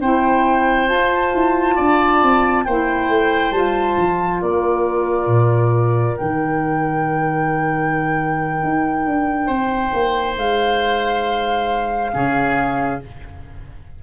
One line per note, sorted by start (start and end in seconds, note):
0.00 0.88 C4
0.00 0.88 E4
0.00 1.75 C5
0.00 0.88 G5
0.88 2.64 F4
0.88 1.33 F4
0.88 2.64 A5
1.33 1.78 E4
1.75 2.22 D4
1.75 2.63 D5
2.22 2.67 C4
2.64 3.08 A#3
2.64 3.53 E4
2.64 4.42 C5
2.64 3.52 G5
3.08 3.51 A3
3.51 3.95 G3
3.51 6.17 F4
3.51 4.40 A5
3.97 4.41 F3
4.41 5.27 A#3
4.41 9.47 A#4
4.41 6.16 D5
5.27 6.15 A#2
6.16 8.63 D#3
6.16 12.10 D#4
6.16 10.35 G5
8.63 9.06 D#4
9.06 9.48 D4
9.47 9.92 C4
9.47 12.11 C5
9.93 10.37 A#3
10.37 12.13 G#3
10.37 13.03 F5
12.10 13.03 C#3
12.10 12.98 C#4
12.10 13.02 G#4